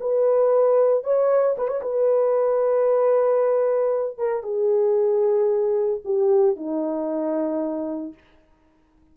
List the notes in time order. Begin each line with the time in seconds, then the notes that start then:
0.00 B4
1.04 C#5
1.58 B4
1.68 C#5
1.82 B4
4.18 A#4
4.43 G#4
6.05 G4
6.56 D#4